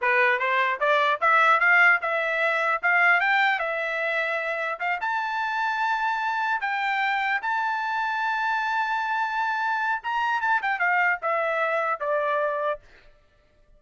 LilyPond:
\new Staff \with { instrumentName = "trumpet" } { \time 4/4 \tempo 4 = 150 b'4 c''4 d''4 e''4 | f''4 e''2 f''4 | g''4 e''2. | f''8 a''2.~ a''8~ |
a''8 g''2 a''4.~ | a''1~ | a''4 ais''4 a''8 g''8 f''4 | e''2 d''2 | }